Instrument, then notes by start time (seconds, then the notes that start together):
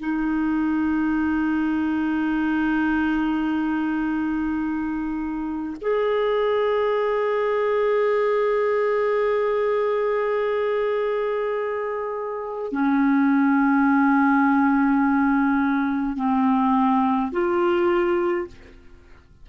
clarinet
0.00 D#4
5.82 G#4
12.72 C#4
16.16 C4
17.32 F4